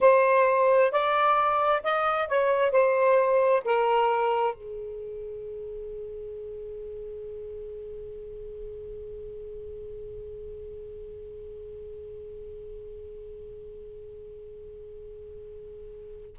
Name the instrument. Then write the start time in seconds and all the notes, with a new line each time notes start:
saxophone
0.00 C5
0.91 D5
1.83 D#5
2.28 C#5
2.71 C5
3.64 A#4
4.54 G#4